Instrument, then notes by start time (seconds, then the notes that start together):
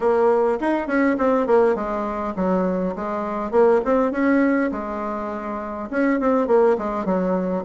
bassoon
0.00 A#3
0.60 D#4
0.87 C#4
1.18 C4
1.46 A#3
1.75 G#3
2.36 F#3
2.95 G#3
3.51 A#3
3.84 C4
4.11 C#4
4.71 G#3
5.90 C#4
6.20 C4
6.47 A#3
6.78 G#3
7.05 F#3